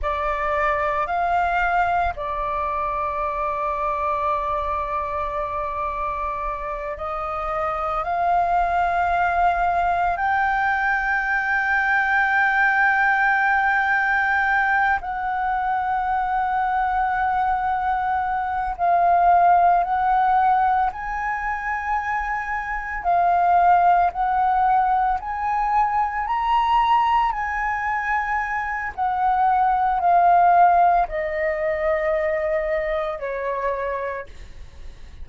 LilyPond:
\new Staff \with { instrumentName = "flute" } { \time 4/4 \tempo 4 = 56 d''4 f''4 d''2~ | d''2~ d''8 dis''4 f''8~ | f''4. g''2~ g''8~ | g''2 fis''2~ |
fis''4. f''4 fis''4 gis''8~ | gis''4. f''4 fis''4 gis''8~ | gis''8 ais''4 gis''4. fis''4 | f''4 dis''2 cis''4 | }